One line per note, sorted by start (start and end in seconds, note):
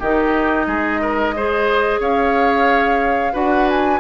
0.00 0.67 D#3
0.00 1.37 D#4
0.00 0.67 G4
0.00 2.01 D#5
0.67 2.00 G#3
0.67 1.01 G#4
1.01 1.35 A#4
1.37 3.33 G#4
1.37 2.00 C5
2.00 3.33 C#4
2.00 3.33 C#5
2.00 3.35 F5
3.33 4.00 D4
3.33 4.00 F#4
3.33 4.00 B4
3.33 3.68 F#5
3.70 4.00 G#5